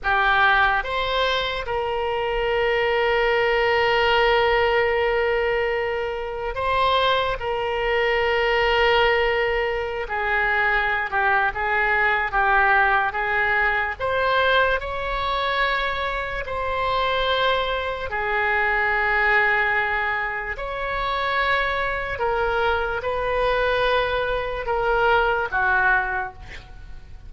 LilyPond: \new Staff \with { instrumentName = "oboe" } { \time 4/4 \tempo 4 = 73 g'4 c''4 ais'2~ | ais'1 | c''4 ais'2.~ | ais'16 gis'4~ gis'16 g'8 gis'4 g'4 |
gis'4 c''4 cis''2 | c''2 gis'2~ | gis'4 cis''2 ais'4 | b'2 ais'4 fis'4 | }